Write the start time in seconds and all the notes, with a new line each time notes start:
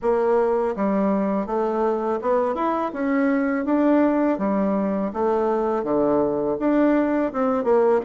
0.02 A#3
0.75 G3
1.46 A3
2.21 B3
2.54 E4
2.93 C#4
3.65 D4
4.38 G3
5.13 A3
5.83 D3
6.59 D4
7.32 C4
7.63 A#3